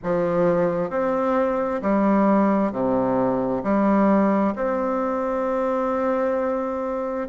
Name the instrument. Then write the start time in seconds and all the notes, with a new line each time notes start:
bassoon
0.02 F3
0.90 C4
1.81 G3
2.71 C3
3.63 G3
4.55 C4